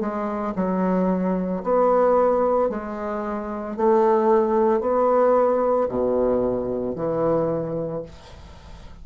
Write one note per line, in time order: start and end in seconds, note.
0.00 0.54 G#3
0.55 1.62 F#3
1.63 2.69 B3
2.69 3.76 G#3
3.76 4.80 A3
4.80 5.87 B3
5.88 6.95 B2
6.95 8.02 E3